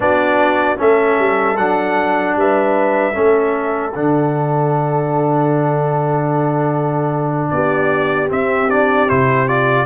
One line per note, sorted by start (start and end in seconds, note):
0.00 0.78 B3
0.00 0.76 D4
0.00 0.78 F#4
0.00 0.79 D5
0.76 1.19 A3
0.76 1.55 C#4
0.76 2.36 A4
0.76 1.57 E5
1.19 1.57 G3
1.57 2.35 F#3
1.57 3.13 D4
1.57 2.36 F#5
2.35 3.14 G3
2.35 3.14 B4
2.35 3.94 E5
3.13 3.95 A3
3.13 3.92 C#4
3.13 7.49 A4
3.94 7.50 D3
3.94 8.28 D4
3.94 7.49 F#5
7.49 8.30 B3
7.49 9.85 G4
7.49 8.28 D5
8.28 8.68 C4
8.28 9.09 C4
8.28 8.70 E5
8.68 9.08 D4
8.68 9.09 D5
9.08 9.85 C3
9.08 9.47 E4
9.08 9.48 C5
9.47 9.85 F4
9.47 9.85 D5